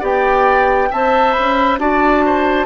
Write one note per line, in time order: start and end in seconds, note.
0.00 0.90 B3
0.00 0.89 G4
0.00 0.88 D5
0.00 0.92 G5
0.91 1.36 C4
0.91 1.80 C5
0.91 1.79 E5
0.91 1.32 A5
1.32 1.76 B5
1.39 1.78 C#4
1.78 2.66 D4
1.78 2.66 F#4
1.78 2.24 D5
1.78 2.66 A5
2.26 2.66 C5